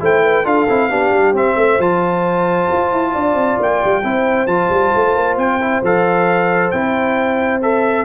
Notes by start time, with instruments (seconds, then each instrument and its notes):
0.00 tuba A3, trombone E4, horn C5, trumpet G5
0.23 horn B4
0.45 tuba D4, trombone F4, horn A4, trumpet F5
0.69 tuba C4, trombone E4
0.90 tuba B3, trombone D4, horn G4
1.11 tuba G3
1.33 tuba C4, trombone C4, trumpet E5
1.56 tuba A3, horn C5
1.79 tuba F3, trombone F4, trumpet A5
2.72 tuba F4
2.93 tuba E4
3.14 tuba D4, horn D5
3.35 tuba C4
3.60 tuba A#3, trumpet G5
3.85 tuba G3
4.03 tuba C4, trombone E4, horn C5
4.47 tuba F3, trombone F4, trumpet A5
4.70 tuba G3
4.95 tuba A3
5.16 tuba A#3
5.37 tuba C4, trumpet G5
5.61 trombone E4
5.83 tuba F3, trombone A4, trumpet F5
6.71 tuba C4, trombone E4, trumpet G5
7.62 trombone A4, trumpet E5